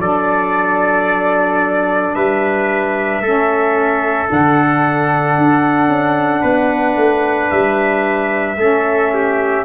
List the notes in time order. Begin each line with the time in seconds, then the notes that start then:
0.00 F#3 D4 A4 D5
2.15 G3 B4 E5
3.21 A3 C#4 A4
4.27 D3 D4 F#5
5.38 D4
5.89 C#4
6.42 B3 B4
6.97 A3
7.51 G3 E5
8.57 A3 C#4 A4
9.15 G4